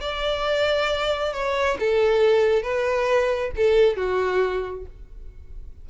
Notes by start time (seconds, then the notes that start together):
0.00 D5
1.33 C#5
1.79 A4
2.62 B4
3.56 A4
3.96 F#4